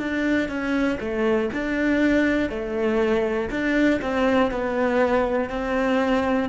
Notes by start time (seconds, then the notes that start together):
0.00 D4
0.49 C#4
1.00 A3
1.54 D4
2.50 A3
3.51 D4
4.02 C4
4.52 B3
5.50 C4